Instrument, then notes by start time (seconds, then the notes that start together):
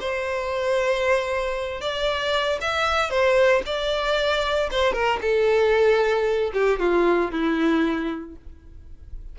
violin
0.00 C5
1.81 D5
2.61 E5
3.10 C5
3.65 D5
4.71 C5
4.93 A#4
5.21 A4
6.53 G4
6.79 F4
7.31 E4